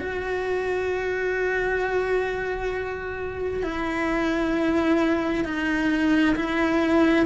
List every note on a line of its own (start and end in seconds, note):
0.00 3.63 F#4
3.63 5.45 E4
5.45 6.36 D#4
6.36 7.26 E4